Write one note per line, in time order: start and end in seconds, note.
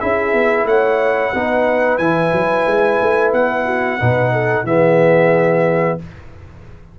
0.00 0.33 C#4
0.00 1.34 E4
0.00 0.67 G#4
0.00 0.67 E5
0.33 0.64 B3
0.64 1.31 A3
0.64 1.33 C#5
0.64 1.98 F#5
1.33 1.98 B3
1.33 2.00 D#4
1.33 3.65 B4
1.98 2.32 E3
1.98 4.00 E4
1.98 3.31 G#5
2.32 2.66 F#3
2.67 3.00 G#3
3.02 3.33 A3
3.33 4.00 B3
3.33 4.66 F#5
3.65 3.99 F#4
3.99 4.64 B2
3.99 4.66 D#4
3.99 4.32 B4
4.32 4.66 A4
4.64 5.97 E3
4.64 5.99 B3
4.64 5.99 G#4
4.64 5.99 E5